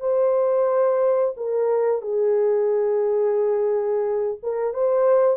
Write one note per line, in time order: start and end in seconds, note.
0.00 1.35 C5
1.37 2.01 A#4
2.01 4.37 G#4
4.43 4.73 A#4
4.73 5.37 C5